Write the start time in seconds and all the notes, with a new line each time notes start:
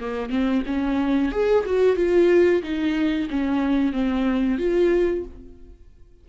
0.00 A#3
0.30 C4
0.66 C#4
1.32 G#4
1.66 F#4
1.96 F4
2.62 D#4
3.30 C#4
3.93 C4
4.58 F4